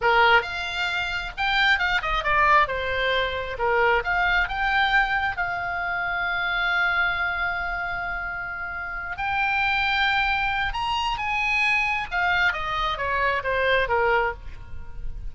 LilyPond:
\new Staff \with { instrumentName = "oboe" } { \time 4/4 \tempo 4 = 134 ais'4 f''2 g''4 | f''8 dis''8 d''4 c''2 | ais'4 f''4 g''2 | f''1~ |
f''1~ | f''8 g''2.~ g''8 | ais''4 gis''2 f''4 | dis''4 cis''4 c''4 ais'4 | }